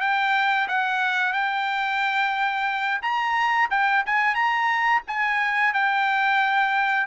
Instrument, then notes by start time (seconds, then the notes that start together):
trumpet
0.00 G5
0.68 F#5
1.32 G5
3.02 A#5
3.70 G5
4.06 G#5
4.35 A#5
5.07 G#5
5.73 G5